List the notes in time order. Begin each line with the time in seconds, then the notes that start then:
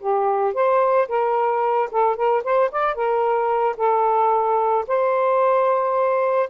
0.00 G4
0.54 C5
1.08 A#4
1.91 A4
2.16 A#4
2.44 C5
2.71 D5
2.95 A#4
3.77 A4
4.87 C5